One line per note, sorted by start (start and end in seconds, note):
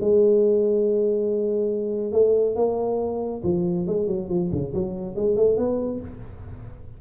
0.00 2.12 G#3
2.12 2.55 A3
2.55 3.42 A#3
3.43 3.87 F3
3.87 4.07 G#3
4.07 4.29 F#3
4.29 4.50 F3
4.52 4.73 C#3
4.74 5.15 F#3
5.15 5.36 G#3
5.36 5.57 A3
5.57 6.00 B3